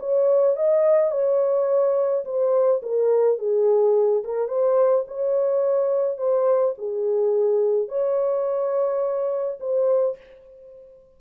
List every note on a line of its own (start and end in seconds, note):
0.00 0.57 C#5
0.57 1.11 D#5
1.11 2.25 C#5
2.25 2.81 C5
2.82 3.39 A#4
3.39 4.23 G#4
4.24 4.48 A#4
4.48 5.05 C5
5.08 6.18 C#5
6.18 6.74 C5
6.78 7.89 G#4
7.89 9.58 C#5
9.60 10.17 C5